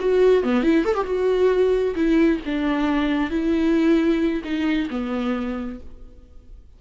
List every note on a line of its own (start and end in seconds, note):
0.00 0.44 F#4
0.44 0.64 B3
0.64 0.85 E4
0.85 0.95 A4
0.95 1.05 G4
1.05 1.95 F#4
1.96 2.40 E4
2.46 3.31 D4
3.31 4.43 E4
4.44 4.89 D#4
4.91 5.80 B3